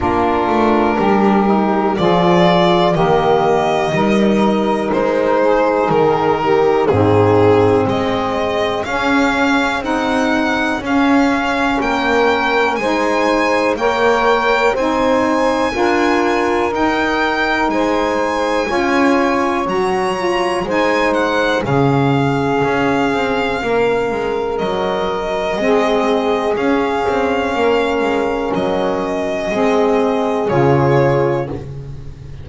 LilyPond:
<<
  \new Staff \with { instrumentName = "violin" } { \time 4/4 \tempo 4 = 61 ais'2 d''4 dis''4~ | dis''4 c''4 ais'4 gis'4 | dis''4 f''4 fis''4 f''4 | g''4 gis''4 g''4 gis''4~ |
gis''4 g''4 gis''2 | ais''4 gis''8 fis''8 f''2~ | f''4 dis''2 f''4~ | f''4 dis''2 cis''4 | }
  \new Staff \with { instrumentName = "saxophone" } { \time 4/4 f'4 g'4 gis'4 g'4 | ais'4. gis'4 g'8 dis'4 | gis'1 | ais'4 c''4 cis''4 c''4 |
ais'2 c''4 cis''4~ | cis''4 c''4 gis'2 | ais'2 gis'2 | ais'2 gis'2 | }
  \new Staff \with { instrumentName = "saxophone" } { \time 4/4 d'4. dis'8 f'4 ais4 | dis'2. c'4~ | c'4 cis'4 dis'4 cis'4~ | cis'4 dis'4 ais'4 dis'4 |
f'4 dis'2 f'4 | fis'8 f'8 dis'4 cis'2~ | cis'2 c'4 cis'4~ | cis'2 c'4 f'4 | }
  \new Staff \with { instrumentName = "double bass" } { \time 4/4 ais8 a8 g4 f4 dis4 | g4 gis4 dis4 gis,4 | gis4 cis'4 c'4 cis'4 | ais4 gis4 ais4 c'4 |
d'4 dis'4 gis4 cis'4 | fis4 gis4 cis4 cis'8 c'8 | ais8 gis8 fis4 gis4 cis'8 c'8 | ais8 gis8 fis4 gis4 cis4 | }
>>